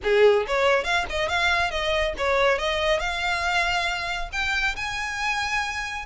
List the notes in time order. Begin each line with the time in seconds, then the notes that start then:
0.03 G#4
0.47 C#5
0.84 F5
1.09 D#5
1.29 F5
1.71 D#5
2.17 C#5
2.58 D#5
2.99 F5
4.32 G5
4.76 G#5